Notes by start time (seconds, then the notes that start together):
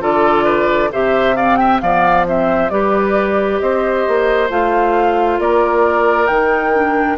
0.00 D3 F4 A4 D5
0.44 B4
0.92 C3 G4 C5 E5
1.36 C4 D5 F5
1.56 E5 G5
1.81 F3 B3 D5 F5
2.26 C4 C5 E5
2.69 G3 G4 B4 D5
3.59 C4 C5 D#5
4.07 A#3
4.49 A3 F4 F5
5.39 A#3 A#4 D5
6.27 D#3 D#4 G5
6.73 D4